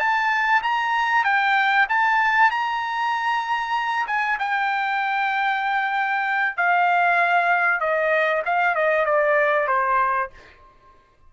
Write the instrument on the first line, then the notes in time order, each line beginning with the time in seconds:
trumpet
0.00 A5
0.63 A#5
1.24 G5
1.89 A5
2.51 A#5
4.07 G#5
4.39 G5
6.57 F5
7.81 D#5
8.46 F5
8.76 D#5
9.06 D5
9.68 C5